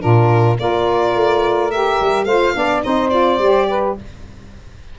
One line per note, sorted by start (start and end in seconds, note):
0.00 0.60 A#2
0.00 0.56 D4
0.00 0.58 F4
0.00 0.58 A#4
0.58 1.15 A#3
0.58 1.70 F4
0.58 2.26 A#4
0.58 1.71 D5
1.15 1.99 A3
1.71 2.29 G4
1.71 2.25 E5
2.01 2.25 G3
2.25 2.53 A3
2.25 2.55 F4
2.25 2.54 C5
2.25 2.81 F5
2.55 2.84 B3
2.55 2.83 D4
2.55 2.84 D5
2.83 3.39 C4
2.83 3.11 D#4
2.83 3.69 C5
2.83 3.10 D#5
3.10 3.39 F4
3.10 3.94 D5
3.39 3.95 G3
3.39 3.99 G4
3.69 3.97 B4